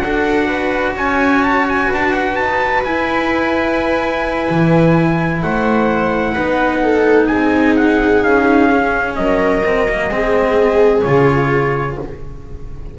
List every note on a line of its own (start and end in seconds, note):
0.00 0.96 D4
0.00 2.86 F#4
0.00 0.47 A4
0.00 0.94 F#5
0.47 0.94 B4
0.96 1.90 C#4
0.96 1.87 C#5
0.96 1.44 G#5
1.44 1.67 A5
1.69 1.92 G#5
1.87 2.38 D4
1.87 5.39 B4
1.94 2.13 A5
2.13 2.36 F#5
2.36 2.85 D#4
2.36 2.83 A5
2.85 4.49 E4
2.85 6.36 E4
2.85 5.42 G#5
4.50 5.43 E3
5.43 6.37 A3
5.43 6.32 C5
5.43 7.27 F#5
6.32 7.31 B3
6.32 8.70 D#4
6.32 6.79 B4
6.83 7.27 A4
7.27 8.24 C4
7.27 9.15 G#4
7.27 7.74 G#5
7.77 8.23 F#5
8.24 9.17 C#4
8.24 9.16 F5
8.70 9.63 C#4
9.16 10.10 F#3
9.16 10.10 A#4
9.16 11.02 D#5
9.65 9.89 C4
9.89 10.11 A#3
10.10 11.03 G#3
10.10 11.05 C4
10.10 11.97 G#4
11.02 11.99 C#3
11.02 11.99 F4
11.02 11.96 C#5